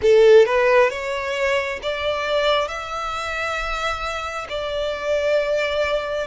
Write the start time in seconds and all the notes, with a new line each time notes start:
0.02 A4
0.45 B4
0.90 C#5
1.82 D5
2.68 E5
4.49 D5